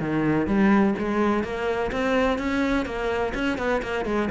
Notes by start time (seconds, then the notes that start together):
0.00 D#3
0.47 G3
0.98 G#3
1.44 A#3
1.92 C4
2.39 C#4
2.85 A#3
3.35 C#4
3.58 B3
3.83 A#3
4.05 G#3